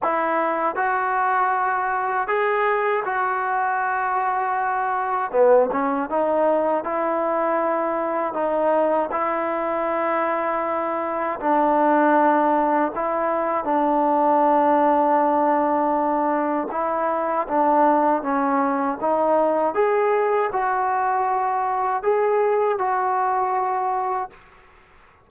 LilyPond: \new Staff \with { instrumentName = "trombone" } { \time 4/4 \tempo 4 = 79 e'4 fis'2 gis'4 | fis'2. b8 cis'8 | dis'4 e'2 dis'4 | e'2. d'4~ |
d'4 e'4 d'2~ | d'2 e'4 d'4 | cis'4 dis'4 gis'4 fis'4~ | fis'4 gis'4 fis'2 | }